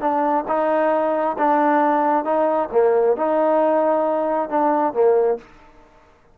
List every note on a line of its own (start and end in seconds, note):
0.00 0.44 D4
0.47 1.36 D#4
1.38 2.24 D4
2.24 2.69 D#4
2.72 3.16 A#3
3.17 4.49 D#4
4.49 4.93 D4
4.93 5.38 A#3